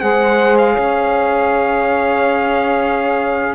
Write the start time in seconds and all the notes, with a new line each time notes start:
0.00 G#3 G#4 C5 F#5
0.58 F5
0.73 C#4 C#5